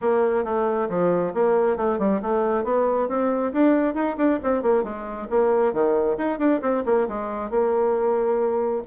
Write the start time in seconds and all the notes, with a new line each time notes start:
0.01 A#3
0.44 A3
0.89 F3
1.34 A#3
1.76 A3
1.98 G3
2.21 A3
2.64 B3
3.08 C4
3.53 D4
3.94 D#4
4.17 D4
4.43 C4
4.62 A#3
4.83 G#3
5.30 A#3
5.73 D#3
6.17 D#4
6.38 D4
6.61 C4
6.85 A#3
7.08 G#3
7.50 A#3